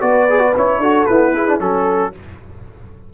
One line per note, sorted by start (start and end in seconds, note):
0.00 0.55 B3
0.00 0.27 F#4
0.00 0.80 B4
0.00 0.54 D5
0.29 0.38 G#4
0.38 0.52 F#4
0.56 0.78 C#4
0.56 0.82 E4
0.56 1.05 C#5
0.78 1.04 D4
0.78 1.09 F#4
0.78 1.33 A4
1.05 1.34 B3
1.05 1.60 E4
1.05 1.59 B4
1.33 1.47 E4
1.33 1.60 G#4
1.47 1.59 D4
1.59 2.13 F#3
1.59 2.12 C#4
1.59 2.13 A4